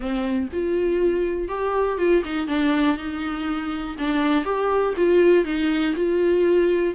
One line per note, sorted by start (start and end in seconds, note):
0.00 0.48 C4
0.53 1.48 F4
1.48 1.97 G4
1.97 2.22 F4
2.24 2.47 D#4
2.47 2.97 D4
2.97 3.96 D#4
3.98 4.44 D4
4.44 4.94 G4
4.97 5.44 F4
5.44 5.94 D#4
5.95 6.94 F4